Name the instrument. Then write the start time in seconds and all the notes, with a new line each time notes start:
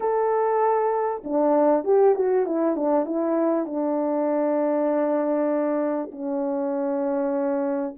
horn
0.00 A4
1.24 D4
1.84 G4
2.15 F#4
2.46 E4
2.76 D4
3.05 E4
3.66 D4
6.11 C#4